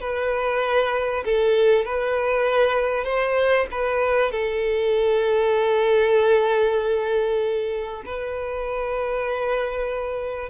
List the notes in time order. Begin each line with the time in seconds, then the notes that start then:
0.00 B4
1.24 A4
1.85 B4
3.04 C5
3.71 B4
4.31 A4
8.05 B4